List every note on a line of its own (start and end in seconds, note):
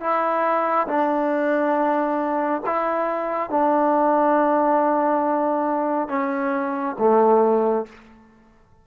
0.00 0.87 E4
0.87 2.61 D4
2.65 3.49 E4
3.49 6.08 D4
6.08 6.95 C#4
6.98 7.85 A3